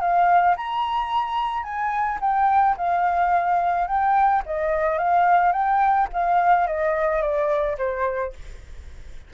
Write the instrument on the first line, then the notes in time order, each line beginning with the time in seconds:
flute
0.00 F5
0.56 A#5
1.63 G#5
2.20 G5
2.77 F5
3.87 G5
4.45 D#5
4.98 F5
5.52 G5
6.13 F5
6.66 D#5
7.21 D5
7.77 C5